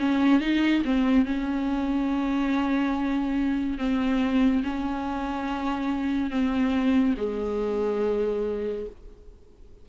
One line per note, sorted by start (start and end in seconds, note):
0.00 0.41 C#4
0.41 0.83 D#4
0.85 1.26 C4
1.26 3.79 C#4
3.79 4.63 C4
4.64 6.31 C#4
6.31 7.16 C4
7.18 8.87 G#3